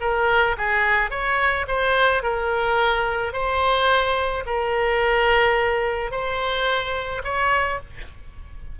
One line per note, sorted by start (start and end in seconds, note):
0.00 0.56 A#4
0.57 1.10 G#4
1.10 1.65 C#5
1.67 2.22 C5
2.22 3.32 A#4
3.32 4.43 C5
4.46 6.11 A#4
6.11 7.22 C5
7.24 7.79 C#5